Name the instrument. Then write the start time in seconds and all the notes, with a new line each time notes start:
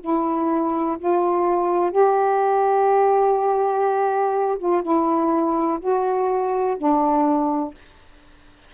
saxophone
0.00 E4
0.98 F4
1.91 G4
4.58 F4
4.82 E4
5.80 F#4
6.77 D4